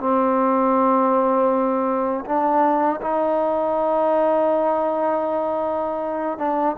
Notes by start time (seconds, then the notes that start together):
0.00 C4
2.26 D4
3.02 D#4
6.39 D4